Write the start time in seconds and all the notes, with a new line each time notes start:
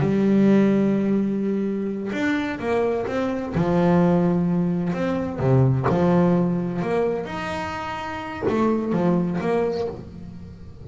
0.00 G3
2.12 D4
2.60 A#3
3.07 C4
3.55 F3
4.93 C4
5.39 C3
5.89 F3
6.82 A#3
7.25 D#4
8.49 A3
8.92 F3
9.41 A#3